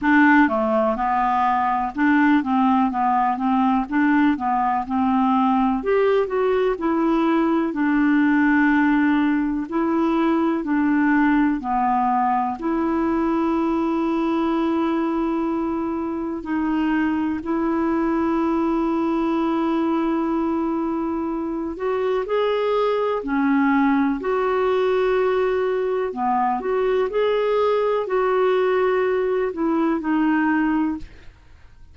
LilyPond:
\new Staff \with { instrumentName = "clarinet" } { \time 4/4 \tempo 4 = 62 d'8 a8 b4 d'8 c'8 b8 c'8 | d'8 b8 c'4 g'8 fis'8 e'4 | d'2 e'4 d'4 | b4 e'2.~ |
e'4 dis'4 e'2~ | e'2~ e'8 fis'8 gis'4 | cis'4 fis'2 b8 fis'8 | gis'4 fis'4. e'8 dis'4 | }